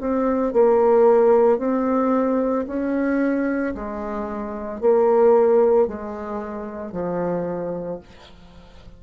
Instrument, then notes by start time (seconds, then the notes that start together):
bassoon
0.00 C4
0.53 A#3
1.58 C4
2.67 C#4
3.74 G#3
4.80 A#3
5.87 G#3
6.92 F3